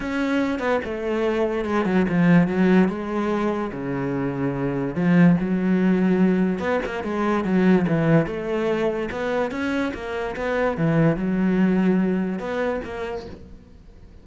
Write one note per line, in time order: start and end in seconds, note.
0.00 0.59 C#4
0.59 0.80 B3
0.84 1.65 A3
1.65 1.85 G#3
1.85 2.05 F#3
2.09 2.47 F3
2.47 2.88 F#3
2.88 3.71 G#3
3.72 4.95 C#3
4.95 5.36 F3
5.40 6.59 F#3
6.59 6.80 B3
6.85 7.03 A#3
7.03 7.44 G#3
7.44 7.85 F#3
7.87 8.26 E3
8.26 9.09 A3
9.11 9.51 B3
9.51 9.92 C#4
9.94 10.35 A#3
10.35 10.77 B3
10.77 11.16 E3
11.16 12.39 F#3
12.39 12.80 B3
12.84 13.25 A#3